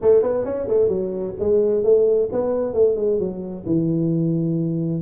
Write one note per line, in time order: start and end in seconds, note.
0.01 0.22 A3
0.22 0.44 B3
0.44 0.67 C#4
0.68 0.88 A3
0.88 1.34 F#3
1.39 1.83 G#3
1.83 2.29 A3
2.32 2.73 B3
2.73 2.96 A3
2.96 3.19 G#3
3.19 3.65 F#3
3.66 5.02 E3